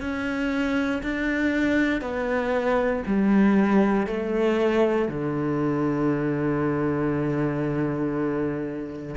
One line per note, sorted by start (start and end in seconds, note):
0.00 1.02 C#4
1.03 2.01 D4
2.01 3.03 B3
3.06 4.07 G3
4.07 5.08 A3
5.08 9.15 D3